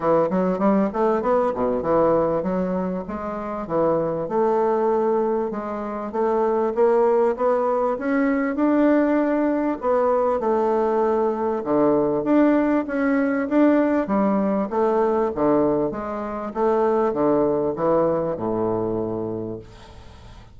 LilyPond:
\new Staff \with { instrumentName = "bassoon" } { \time 4/4 \tempo 4 = 98 e8 fis8 g8 a8 b8 b,8 e4 | fis4 gis4 e4 a4~ | a4 gis4 a4 ais4 | b4 cis'4 d'2 |
b4 a2 d4 | d'4 cis'4 d'4 g4 | a4 d4 gis4 a4 | d4 e4 a,2 | }